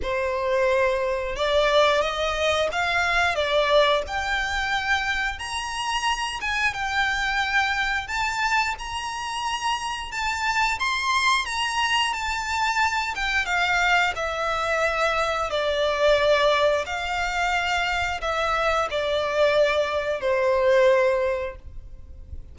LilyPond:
\new Staff \with { instrumentName = "violin" } { \time 4/4 \tempo 4 = 89 c''2 d''4 dis''4 | f''4 d''4 g''2 | ais''4. gis''8 g''2 | a''4 ais''2 a''4 |
c'''4 ais''4 a''4. g''8 | f''4 e''2 d''4~ | d''4 f''2 e''4 | d''2 c''2 | }